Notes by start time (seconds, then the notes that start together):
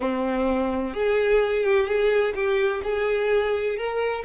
0.00 C4
0.93 G#4
1.63 G4
1.87 G#4
2.34 G4
2.83 G#4
3.77 A#4